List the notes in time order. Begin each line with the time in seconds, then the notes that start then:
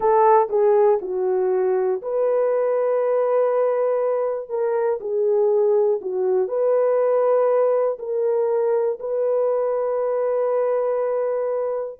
0.00 A4
0.49 G#4
1.01 F#4
2.01 B4
4.49 A#4
5.00 G#4
6.00 F#4
6.48 B4
7.99 A#4
9.00 B4